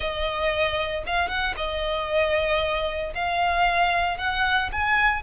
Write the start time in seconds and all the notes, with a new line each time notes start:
0.00 D#5
1.06 F5
1.28 F#5
1.56 D#5
3.14 F5
4.17 F#5
4.72 G#5